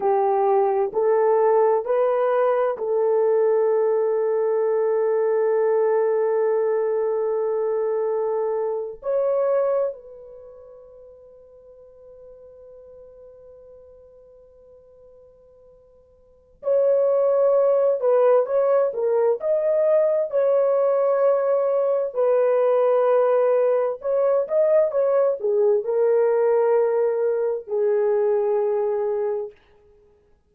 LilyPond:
\new Staff \with { instrumentName = "horn" } { \time 4/4 \tempo 4 = 65 g'4 a'4 b'4 a'4~ | a'1~ | a'4.~ a'16 cis''4 b'4~ b'16~ | b'1~ |
b'2 cis''4. b'8 | cis''8 ais'8 dis''4 cis''2 | b'2 cis''8 dis''8 cis''8 gis'8 | ais'2 gis'2 | }